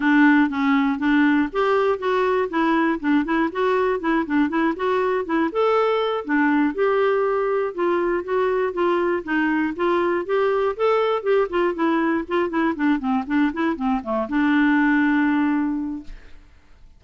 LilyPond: \new Staff \with { instrumentName = "clarinet" } { \time 4/4 \tempo 4 = 120 d'4 cis'4 d'4 g'4 | fis'4 e'4 d'8 e'8 fis'4 | e'8 d'8 e'8 fis'4 e'8 a'4~ | a'8 d'4 g'2 f'8~ |
f'8 fis'4 f'4 dis'4 f'8~ | f'8 g'4 a'4 g'8 f'8 e'8~ | e'8 f'8 e'8 d'8 c'8 d'8 e'8 c'8 | a8 d'2.~ d'8 | }